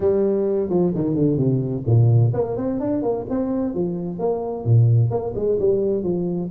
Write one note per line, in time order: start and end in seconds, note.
0.00 0.69 G3
0.69 0.92 F3
0.95 1.15 D#3
1.15 1.37 D3
1.37 1.83 C3
1.86 2.33 A#2
2.33 2.56 A#3
2.56 2.79 C4
2.80 3.02 D4
3.02 3.25 A#3
3.29 3.74 C4
3.74 4.18 F3
4.18 4.64 A#3
4.64 5.10 A#2
5.10 5.33 A#3
5.35 5.58 G#3
5.59 6.03 G3
6.03 6.49 F3